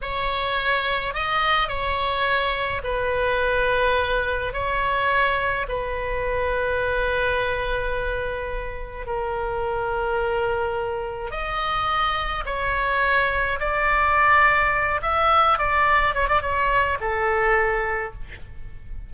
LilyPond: \new Staff \with { instrumentName = "oboe" } { \time 4/4 \tempo 4 = 106 cis''2 dis''4 cis''4~ | cis''4 b'2. | cis''2 b'2~ | b'1 |
ais'1 | dis''2 cis''2 | d''2~ d''8 e''4 d''8~ | d''8 cis''16 d''16 cis''4 a'2 | }